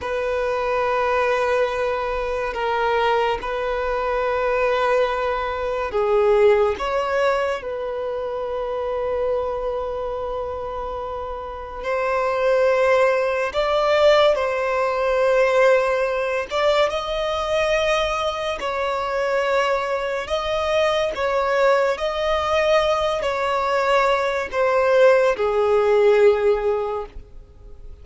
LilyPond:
\new Staff \with { instrumentName = "violin" } { \time 4/4 \tempo 4 = 71 b'2. ais'4 | b'2. gis'4 | cis''4 b'2.~ | b'2 c''2 |
d''4 c''2~ c''8 d''8 | dis''2 cis''2 | dis''4 cis''4 dis''4. cis''8~ | cis''4 c''4 gis'2 | }